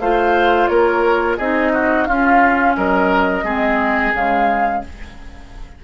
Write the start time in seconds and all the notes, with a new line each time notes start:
0.00 A3 F4 C5 F5
0.68 A#3 A#4 C#5
1.37 C4 D#4 G#4 D#5
1.74 F#4
2.05 C#4 F4 F5
2.76 F#3 A#4 D#5
3.44 G#3 C4 G#4
4.15 C#3 G#3 F5